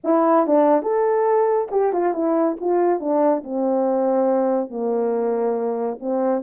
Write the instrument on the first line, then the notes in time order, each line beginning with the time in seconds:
horn
0.04 E4
0.46 D4
0.82 A4
1.71 G4
1.92 F4
2.13 E4
2.60 F4
2.99 D4
3.43 C4
4.69 A#3
5.99 C4